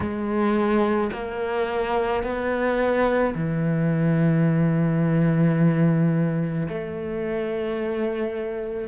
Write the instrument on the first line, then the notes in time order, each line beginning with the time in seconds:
cello
0.00 G#3
1.12 A#3
2.23 B3
3.34 E3
6.68 A3